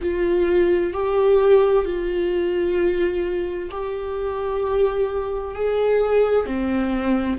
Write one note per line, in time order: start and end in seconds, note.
0.01 0.93 F4
0.93 1.85 G4
1.85 3.69 F4
3.70 5.54 G4
5.54 6.46 G#4
6.46 7.38 C4